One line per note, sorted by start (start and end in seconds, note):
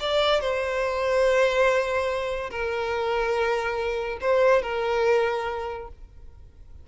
0.00 0.40 D5
0.40 2.50 C5
2.50 4.18 A#4
4.21 4.62 C5
4.62 5.88 A#4